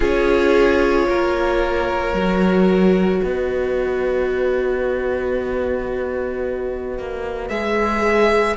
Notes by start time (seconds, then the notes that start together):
0.00 C#4 F4 G#4 C#5
1.08 A#3 A#4
2.13 F#3 F#4
3.21 B3 B4 D#5
6.98 A#3
7.49 G#3 G#4 E5